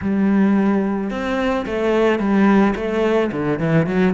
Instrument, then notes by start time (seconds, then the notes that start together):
cello
0.02 G3
1.10 C4
1.65 A3
2.19 G3
2.75 A3
3.31 D3
3.59 E3
3.86 F#3